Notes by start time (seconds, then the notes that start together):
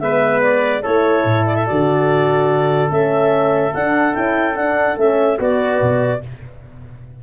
0.00 G#3 B3 B4 E5
0.42 D5
0.83 A3 E4 A4 C#5
1.25 A2
1.47 D5
1.56 E5
1.67 D3 F#4 D5
2.90 A3 C#4 E5
3.74 D4 F#5
4.13 C#4 E4 G5
4.55 D4 F#5
4.97 A3 C#4 E5
5.39 B3 F#4 D5
5.82 B2